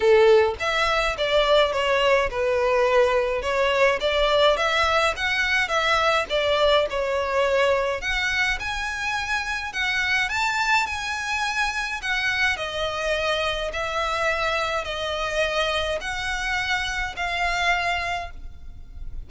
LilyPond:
\new Staff \with { instrumentName = "violin" } { \time 4/4 \tempo 4 = 105 a'4 e''4 d''4 cis''4 | b'2 cis''4 d''4 | e''4 fis''4 e''4 d''4 | cis''2 fis''4 gis''4~ |
gis''4 fis''4 a''4 gis''4~ | gis''4 fis''4 dis''2 | e''2 dis''2 | fis''2 f''2 | }